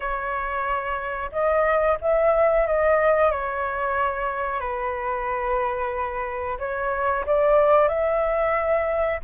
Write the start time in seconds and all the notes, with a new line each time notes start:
0.00 C#5
1.32 D#5
2.01 E5
2.66 D#5
3.31 C#5
4.60 B4
6.58 C#5
7.26 D5
7.88 E5